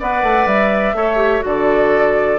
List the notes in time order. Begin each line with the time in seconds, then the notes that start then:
0.00 B3 B4 D5 F#5
0.23 A3
0.47 G3 E5
0.94 A3 A4 C#5
1.17 G4
1.41 D3 F#4 A4 D5